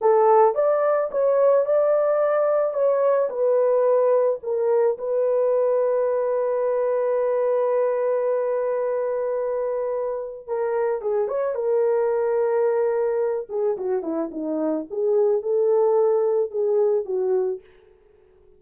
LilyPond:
\new Staff \with { instrumentName = "horn" } { \time 4/4 \tempo 4 = 109 a'4 d''4 cis''4 d''4~ | d''4 cis''4 b'2 | ais'4 b'2.~ | b'1~ |
b'2. ais'4 | gis'8 cis''8 ais'2.~ | ais'8 gis'8 fis'8 e'8 dis'4 gis'4 | a'2 gis'4 fis'4 | }